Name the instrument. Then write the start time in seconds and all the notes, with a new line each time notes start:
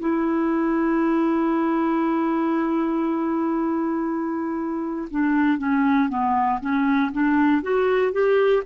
clarinet
0.00 E4
5.10 D4
5.58 C#4
6.09 B3
6.61 C#4
7.12 D4
7.62 F#4
8.12 G4